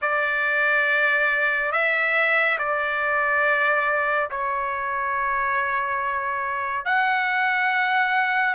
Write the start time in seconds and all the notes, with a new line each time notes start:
0.01 D5
1.72 E5
2.58 D5
4.30 C#5
6.85 F#5